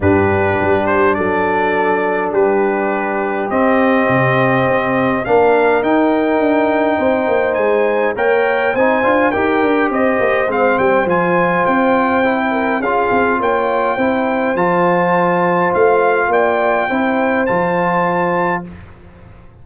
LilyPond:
<<
  \new Staff \with { instrumentName = "trumpet" } { \time 4/4 \tempo 4 = 103 b'4. c''8 d''2 | b'2 dis''2~ | dis''4 f''4 g''2~ | g''4 gis''4 g''4 gis''4 |
g''4 dis''4 f''8 g''8 gis''4 | g''2 f''4 g''4~ | g''4 a''2 f''4 | g''2 a''2 | }
  \new Staff \with { instrumentName = "horn" } { \time 4/4 g'2 a'2 | g'1~ | g'4 ais'2. | c''2 cis''4 c''4 |
ais'4 c''2.~ | c''4. ais'8 gis'4 cis''4 | c''1 | d''4 c''2. | }
  \new Staff \with { instrumentName = "trombone" } { \time 4/4 d'1~ | d'2 c'2~ | c'4 d'4 dis'2~ | dis'2 ais'4 dis'8 f'8 |
g'2 c'4 f'4~ | f'4 e'4 f'2 | e'4 f'2.~ | f'4 e'4 f'2 | }
  \new Staff \with { instrumentName = "tuba" } { \time 4/4 g,4 g4 fis2 | g2 c'4 c4 | c'4 ais4 dis'4 d'4 | c'8 ais8 gis4 ais4 c'8 d'8 |
dis'8 d'8 c'8 ais8 gis8 g8 f4 | c'2 cis'8 c'8 ais4 | c'4 f2 a4 | ais4 c'4 f2 | }
>>